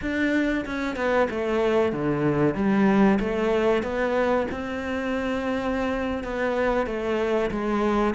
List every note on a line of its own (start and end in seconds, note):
0.01 0.65 D4
0.65 0.96 C#4
0.96 1.28 B3
1.30 1.92 A3
1.92 2.54 D3
2.54 3.18 G3
3.19 3.83 A3
3.83 4.47 B3
4.51 6.23 C4
6.23 6.86 B3
6.86 7.50 A3
7.50 8.14 G#3